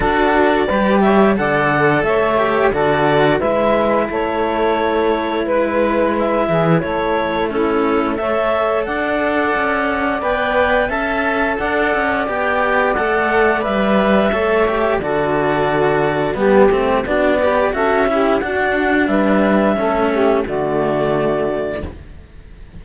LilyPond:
<<
  \new Staff \with { instrumentName = "clarinet" } { \time 4/4 \tempo 4 = 88 d''4. e''8 fis''4 e''4 | d''4 e''4 cis''2 | b'4 e''4 cis''4 a'4 | e''4 fis''2 g''4 |
a''4 fis''4 g''4 fis''4 | e''2 d''2 | g'4 d''4 e''4 fis''4 | e''2 d''2 | }
  \new Staff \with { instrumentName = "saxophone" } { \time 4/4 a'4 b'8 cis''8 d''4 cis''4 | a'4 b'4 a'2 | b'4. gis'8 a'4 e'4 | cis''4 d''2. |
e''4 d''2.~ | d''4 cis''4 a'2 | g'4 fis'8 b'8 a'8 g'8 fis'4 | b'4 a'8 g'8 fis'2 | }
  \new Staff \with { instrumentName = "cello" } { \time 4/4 fis'4 g'4 a'4. g'8 | fis'4 e'2.~ | e'2. cis'4 | a'2. b'4 |
a'2 g'4 a'4 | b'4 a'8 g'8 fis'2 | b8 c'8 d'8 g'8 fis'8 e'8 d'4~ | d'4 cis'4 a2 | }
  \new Staff \with { instrumentName = "cello" } { \time 4/4 d'4 g4 d4 a4 | d4 gis4 a2 | gis4. e8 a2~ | a4 d'4 cis'4 b4 |
cis'4 d'8 cis'8 b4 a4 | g4 a4 d2 | g8 a8 b4 cis'4 d'4 | g4 a4 d2 | }
>>